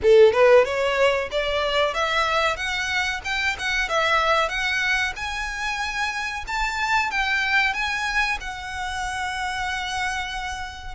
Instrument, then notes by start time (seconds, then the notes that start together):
violin
0.02 A4
0.33 B4
0.65 C#5
1.31 D5
1.94 E5
2.56 F#5
3.24 G5
3.58 F#5
3.89 E5
4.48 F#5
5.16 G#5
6.47 A5
7.11 G5
7.73 G#5
8.40 F#5